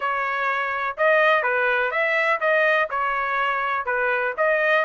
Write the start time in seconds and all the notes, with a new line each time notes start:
0.00 C#5
0.97 D#5
1.43 B4
1.91 E5
2.40 D#5
2.90 C#5
3.85 B4
4.37 D#5